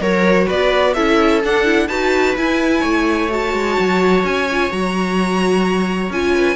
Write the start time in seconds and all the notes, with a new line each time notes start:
0.00 F#3 F#4 A#4 C#5
0.47 B3 B4 D5
0.94 C#4 E4 A4 E5
1.44 D4 F#5
1.64 E4
1.88 D#4 F#4 B4 A5
2.36 E4 G#5
2.81 A3 C#5
3.30 F#4 A5
3.53 G#3
3.80 F#3
4.24 C#4 G#5
4.52 F4
4.70 F#3 F#4 A#5
6.10 C#4 F4 G#5
6.35 B4